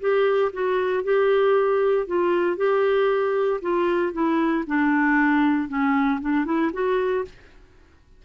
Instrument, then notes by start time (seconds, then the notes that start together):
clarinet
0.00 G4
0.53 F#4
1.04 G4
2.07 F4
2.57 G4
3.62 F4
4.13 E4
4.67 D4
5.68 C#4
6.21 D4
6.45 E4
6.73 F#4